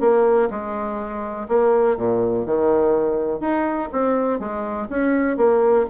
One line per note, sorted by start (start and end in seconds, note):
0.00 0.49 A#3
0.50 1.47 G#3
1.48 1.97 A#3
1.97 2.45 A#2
2.45 3.40 D#3
3.40 3.88 D#4
3.92 4.39 C4
4.39 4.88 G#3
4.89 5.37 C#4
5.37 5.85 A#3